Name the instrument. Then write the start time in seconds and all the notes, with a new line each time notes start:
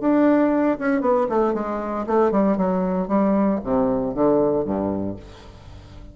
bassoon
0.00 D4
0.78 C#4
1.01 B3
1.29 A3
1.54 G#3
2.06 A3
2.31 G3
2.57 F#3
3.08 G3
3.64 C3
4.14 D3
4.64 G2